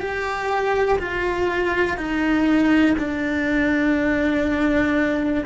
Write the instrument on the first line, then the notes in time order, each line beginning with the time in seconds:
cello
0.00 G4
0.99 F4
1.98 D#4
2.98 D4